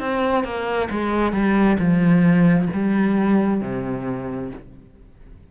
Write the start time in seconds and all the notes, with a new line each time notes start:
0.00 C4
0.44 A#3
0.90 G#3
1.32 G3
1.79 F3
2.73 G3
3.61 C3